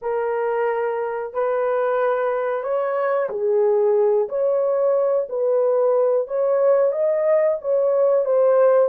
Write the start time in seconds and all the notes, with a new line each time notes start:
0.01 A#4
1.33 B4
2.63 C#5
3.29 G#4
4.29 C#5
5.29 B4
6.27 C#5
6.92 D#5
7.61 C#5
8.25 C5